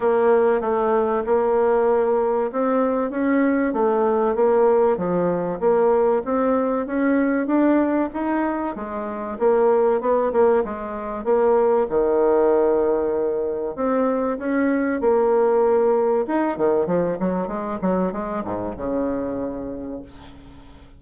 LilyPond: \new Staff \with { instrumentName = "bassoon" } { \time 4/4 \tempo 4 = 96 ais4 a4 ais2 | c'4 cis'4 a4 ais4 | f4 ais4 c'4 cis'4 | d'4 dis'4 gis4 ais4 |
b8 ais8 gis4 ais4 dis4~ | dis2 c'4 cis'4 | ais2 dis'8 dis8 f8 fis8 | gis8 fis8 gis8 gis,8 cis2 | }